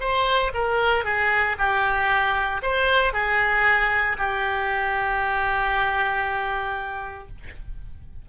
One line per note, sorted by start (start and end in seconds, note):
0.00 0.52 C5
0.55 1.05 A#4
1.05 1.57 G#4
1.58 2.62 G4
2.63 3.13 C5
3.13 4.17 G#4
4.18 7.29 G4